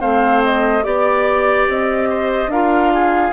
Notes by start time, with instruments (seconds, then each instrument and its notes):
0.00 bassoon A3, clarinet C4, oboe C5, flute F5
0.44 flute D#5
0.83 bassoon B3, clarinet G4, flute D5, oboe D5
1.68 bassoon C4, flute D#5
2.10 oboe C5
2.47 bassoon D4, clarinet F4, oboe A#4, flute F5
2.94 oboe G#4